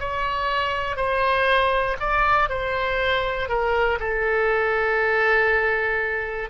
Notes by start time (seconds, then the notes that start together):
0.00 C#5
0.97 C5
2.00 D5
2.49 C5
3.49 A#4
4.00 A4